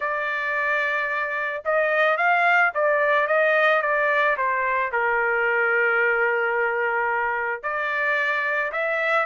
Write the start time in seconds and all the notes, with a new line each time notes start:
0.00 D5
1.64 D#5
2.17 F5
2.74 D5
3.27 D#5
3.82 D5
4.37 C5
4.92 A#4
7.62 D5
8.71 E5